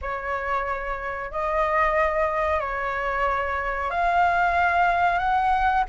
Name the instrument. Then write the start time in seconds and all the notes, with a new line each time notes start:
flute
0.01 C#5
1.31 D#5
2.60 C#5
3.90 F5
5.18 F#5